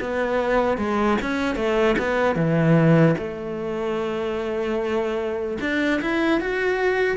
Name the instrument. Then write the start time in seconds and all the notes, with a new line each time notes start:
cello
0.00 B3
0.77 G#3
1.21 C#4
1.55 A3
1.98 B3
2.35 E3
3.18 A3
5.60 D4
6.01 E4
6.40 F#4